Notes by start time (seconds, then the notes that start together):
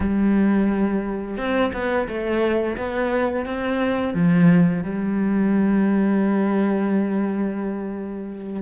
0.00 G3
1.37 C4
1.73 B3
2.08 A3
2.77 B3
3.45 C4
4.14 F3
4.83 G3